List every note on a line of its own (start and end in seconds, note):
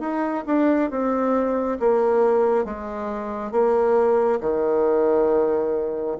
0.00 0.44 D#4
0.46 0.90 D4
0.90 1.78 C4
1.80 2.65 A#3
2.65 3.51 G#3
3.51 4.40 A#3
4.40 6.17 D#3